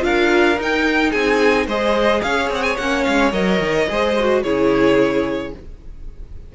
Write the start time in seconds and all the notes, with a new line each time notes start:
0.00 D4 F4 A#4 F5
0.58 D#4 G5
1.11 C4 G#4 G#5
1.66 G#3 G#4 C5 D#5
2.22 C#4 C#5 F5
2.49 C4 F#5
2.63 G#5
2.78 A#3 C#4 F#5
3.04 G#3 F5
3.32 F#3 A#4 D#5
3.60 D#3
3.89 G#3 G#4 C5
4.20 F#4
4.43 C#3 E4 G#4 C#5